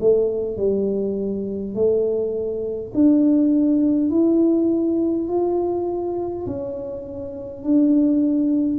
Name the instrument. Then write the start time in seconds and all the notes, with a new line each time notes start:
tuba
0.00 A3
0.57 G3
1.74 A3
2.94 D4
4.10 E4
5.28 F4
6.47 C#4
7.64 D4